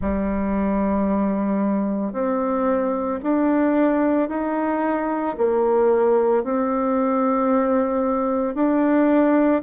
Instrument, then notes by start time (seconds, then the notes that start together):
bassoon
0.00 G3
2.12 C4
3.22 D4
4.29 D#4
5.37 A#3
6.43 C4
8.55 D4